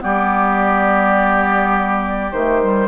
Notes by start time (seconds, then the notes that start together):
0.00 G3 B3 G4 D5
2.32 D#3 A3 C5
2.62 G3